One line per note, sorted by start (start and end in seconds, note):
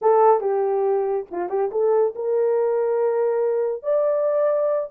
0.01 0.40 A4
0.40 1.25 G4
1.31 1.49 F4
1.49 1.70 G4
1.71 2.14 A4
2.15 3.82 A#4
3.82 4.89 D5